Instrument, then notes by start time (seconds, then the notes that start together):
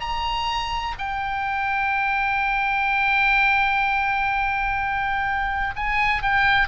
oboe
0.00 A#5
0.99 G5
5.76 G#5
6.23 G5